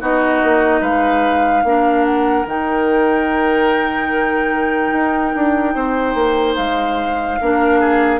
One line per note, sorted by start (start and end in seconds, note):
0.00 0.42 B3
0.00 1.64 D#4
0.00 0.81 F#4
0.00 0.83 D#5
0.42 0.81 A#3
0.81 1.64 G#3
0.81 1.63 B4
0.81 2.05 F5
1.64 2.46 A#3
1.64 2.45 D4
1.64 5.75 A#4
2.05 2.46 F#5
2.45 4.92 D#3
2.45 7.38 D#4
2.45 6.56 G5
4.92 5.34 D#4
5.35 5.75 D4
5.75 6.15 C4
5.75 7.39 C5
6.15 6.56 A#3
6.56 7.40 G#3
6.56 8.20 F5
7.40 8.20 A#3
7.40 8.20 D4
7.40 7.80 A#4
7.80 8.20 G#4